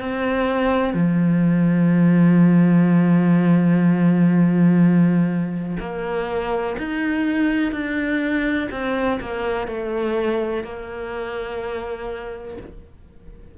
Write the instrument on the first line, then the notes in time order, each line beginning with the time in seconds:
cello
0.00 C4
0.93 F3
5.80 A#3
6.78 D#4
7.72 D4
8.71 C4
9.21 A#3
9.67 A3
10.64 A#3